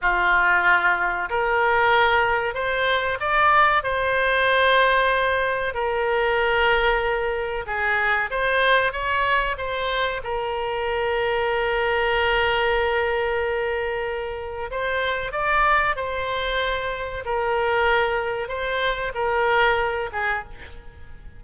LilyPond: \new Staff \with { instrumentName = "oboe" } { \time 4/4 \tempo 4 = 94 f'2 ais'2 | c''4 d''4 c''2~ | c''4 ais'2. | gis'4 c''4 cis''4 c''4 |
ais'1~ | ais'2. c''4 | d''4 c''2 ais'4~ | ais'4 c''4 ais'4. gis'8 | }